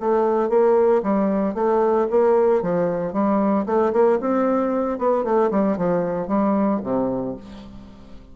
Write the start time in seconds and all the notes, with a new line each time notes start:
0.00 A3
0.49 A#3
1.03 G3
1.54 A3
2.10 A#3
2.62 F3
3.13 G3
3.66 A3
3.93 A#3
4.20 C4
4.98 B3
5.24 A3
5.51 G3
5.77 F3
6.28 G3
6.83 C3